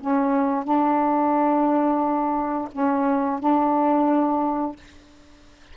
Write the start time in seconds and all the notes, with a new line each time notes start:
0.00 C#4
0.64 D4
2.72 C#4
3.40 D4